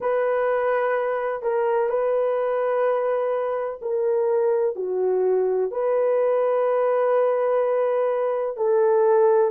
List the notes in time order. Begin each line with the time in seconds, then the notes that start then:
0.00 B4
1.42 A#4
1.89 B4
3.81 A#4
4.75 F#4
5.71 B4
8.57 A4